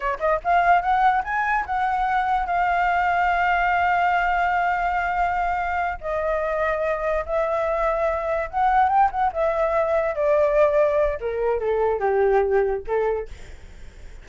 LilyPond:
\new Staff \with { instrumentName = "flute" } { \time 4/4 \tempo 4 = 145 cis''8 dis''8 f''4 fis''4 gis''4 | fis''2 f''2~ | f''1~ | f''2~ f''8 dis''4.~ |
dis''4. e''2~ e''8~ | e''8 fis''4 g''8 fis''8 e''4.~ | e''8 d''2~ d''8 ais'4 | a'4 g'2 a'4 | }